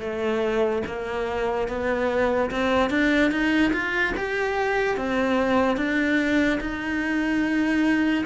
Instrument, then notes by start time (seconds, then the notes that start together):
cello
0.00 A3
0.86 A#3
1.68 B3
2.51 C4
2.90 D4
3.31 D#4
3.72 F4
4.17 G4
4.97 C4
5.77 D4
6.60 D#4